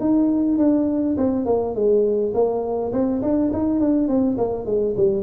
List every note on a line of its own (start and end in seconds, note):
0.00 0.58 D#4
0.58 1.16 D4
1.17 1.45 C4
1.45 1.74 A#3
1.75 2.33 G#3
2.34 2.92 A#3
2.92 3.21 C4
3.22 3.51 D4
3.53 3.80 D#4
3.80 4.08 D4
4.08 4.37 C4
4.38 4.65 A#3
4.65 4.94 G#3
4.96 5.23 G3